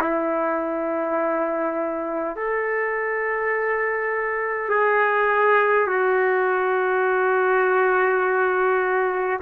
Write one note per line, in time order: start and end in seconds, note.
0.00 2.35 E4
2.36 4.69 A4
4.69 5.87 G#4
5.87 9.40 F#4